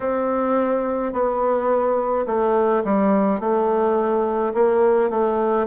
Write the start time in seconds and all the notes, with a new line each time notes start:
0.00 C4
1.12 B3
2.26 A3
2.84 G3
3.40 A3
4.53 A#3
5.09 A3